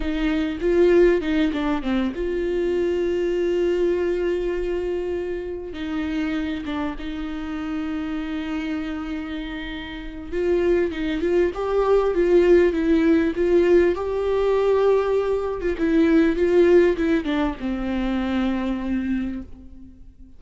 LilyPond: \new Staff \with { instrumentName = "viola" } { \time 4/4 \tempo 4 = 99 dis'4 f'4 dis'8 d'8 c'8 f'8~ | f'1~ | f'4. dis'4. d'8 dis'8~ | dis'1~ |
dis'4 f'4 dis'8 f'8 g'4 | f'4 e'4 f'4 g'4~ | g'4.~ g'16 f'16 e'4 f'4 | e'8 d'8 c'2. | }